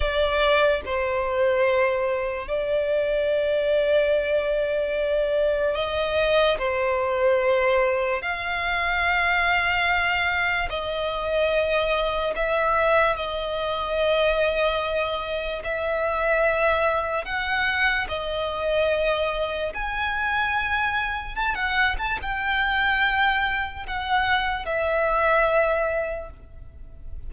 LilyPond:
\new Staff \with { instrumentName = "violin" } { \time 4/4 \tempo 4 = 73 d''4 c''2 d''4~ | d''2. dis''4 | c''2 f''2~ | f''4 dis''2 e''4 |
dis''2. e''4~ | e''4 fis''4 dis''2 | gis''2 a''16 fis''8 a''16 g''4~ | g''4 fis''4 e''2 | }